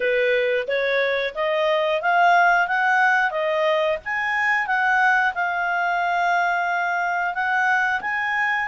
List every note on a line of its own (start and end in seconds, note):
0.00 0.67 B4
0.67 1.34 C#5
1.35 2.01 D#5
2.01 2.67 F5
2.67 3.31 F#5
3.31 3.97 D#5
4.04 4.67 G#5
4.67 5.33 F#5
5.34 7.34 F5
7.34 8.01 F#5
8.01 8.68 G#5